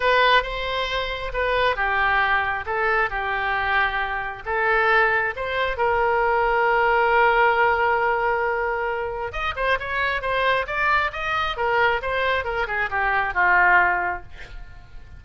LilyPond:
\new Staff \with { instrumentName = "oboe" } { \time 4/4 \tempo 4 = 135 b'4 c''2 b'4 | g'2 a'4 g'4~ | g'2 a'2 | c''4 ais'2.~ |
ais'1~ | ais'4 dis''8 c''8 cis''4 c''4 | d''4 dis''4 ais'4 c''4 | ais'8 gis'8 g'4 f'2 | }